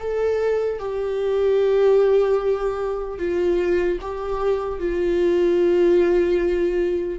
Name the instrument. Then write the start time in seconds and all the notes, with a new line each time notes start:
viola
0.00 A4
0.79 G4
3.19 F4
4.01 G4
4.80 F4